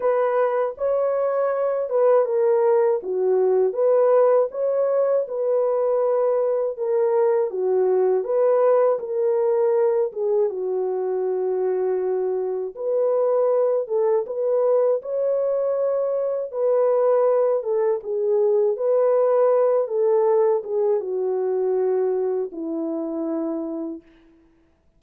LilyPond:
\new Staff \with { instrumentName = "horn" } { \time 4/4 \tempo 4 = 80 b'4 cis''4. b'8 ais'4 | fis'4 b'4 cis''4 b'4~ | b'4 ais'4 fis'4 b'4 | ais'4. gis'8 fis'2~ |
fis'4 b'4. a'8 b'4 | cis''2 b'4. a'8 | gis'4 b'4. a'4 gis'8 | fis'2 e'2 | }